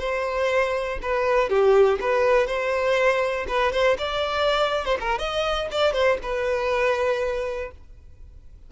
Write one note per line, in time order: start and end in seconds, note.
0.00 0.99 C5
1.02 1.49 B4
1.49 1.99 G4
2.00 2.47 B4
2.47 3.46 C5
3.48 3.72 B4
3.72 3.97 C5
3.98 4.85 D5
4.85 4.97 C5
5.00 5.19 A#4
5.19 5.68 D#5
5.71 5.93 D5
5.93 6.18 C5
6.23 7.72 B4